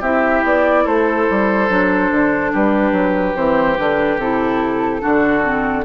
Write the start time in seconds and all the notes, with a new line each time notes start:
0.00 C4 E4 G4 E5
0.43 B3 D5
0.84 A3 A4 C5
1.29 G3
1.68 F#3 D4
2.11 D3
2.52 G3 G4 B4
2.91 F#3
3.35 E3 C4 C5
3.77 D3 D4 B4
4.17 C3 E4 A4
5.00 D3 D4 F#4
5.42 C4